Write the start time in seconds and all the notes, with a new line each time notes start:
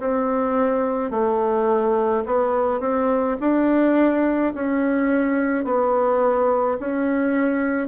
0.00 C4
1.11 A3
2.26 B3
2.80 C4
3.41 D4
4.55 C#4
5.65 B3
6.80 C#4